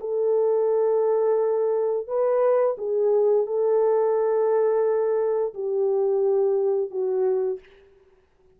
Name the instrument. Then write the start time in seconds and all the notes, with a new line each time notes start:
horn
0.00 A4
2.07 B4
2.77 G#4
3.46 A4
5.54 G4
6.90 F#4